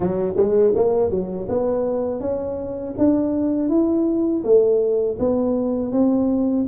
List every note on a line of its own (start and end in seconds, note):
0.00 0.34 F#3
0.36 0.73 G#3
0.75 1.10 A#3
1.10 1.47 F#3
1.48 2.20 B3
2.20 2.94 C#4
2.98 3.69 D4
3.69 4.43 E4
4.44 5.18 A3
5.19 5.92 B3
5.92 6.66 C4